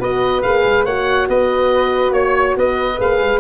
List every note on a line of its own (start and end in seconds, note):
0.00 0.43 B3
0.00 0.44 F#4
0.00 0.85 B4
0.00 0.42 D#5
0.42 0.64 A#3
0.42 0.86 G#4
0.42 0.85 F5
0.64 0.85 G#3
0.85 1.28 A#3
0.85 2.98 F#4
0.85 1.28 C#5
0.85 1.28 F#5
1.29 2.11 B3
1.29 2.14 B4
1.29 2.13 D#5
2.11 2.54 A#3
2.11 2.55 C#5
2.11 2.57 C#5
2.56 2.99 B3
2.56 3.41 B4
2.56 3.01 D#5
2.98 3.21 A#3
2.98 3.40 G#4
2.98 3.41 F5
3.21 3.41 G#3